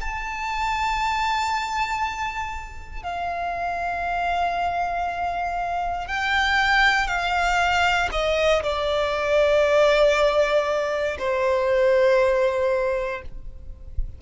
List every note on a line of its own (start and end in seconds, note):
0.00 3.02 A5
3.02 6.07 F5
6.07 7.07 G5
7.07 8.08 F5
8.11 8.62 D#5
8.63 11.17 D5
11.18 13.22 C5